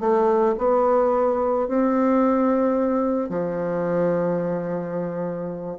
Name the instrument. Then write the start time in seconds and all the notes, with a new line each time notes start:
bassoon
0.00 A3
0.58 B3
1.68 C4
3.29 F3